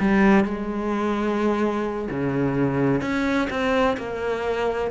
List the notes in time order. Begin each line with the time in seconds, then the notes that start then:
0.00 G3
0.45 G#3
2.10 C#3
3.02 C#4
3.50 C4
3.98 A#3